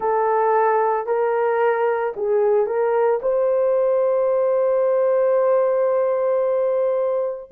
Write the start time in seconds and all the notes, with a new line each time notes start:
0.00 A4
1.06 A#4
2.16 G#4
2.66 A#4
3.21 C5